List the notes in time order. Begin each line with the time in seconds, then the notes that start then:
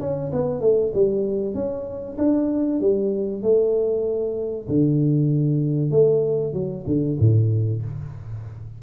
0.00 C#4
0.32 B3
0.61 A3
0.94 G3
1.54 C#4
2.18 D4
2.80 G3
3.42 A3
4.68 D3
5.91 A3
6.53 F#3
6.87 D3
7.20 A2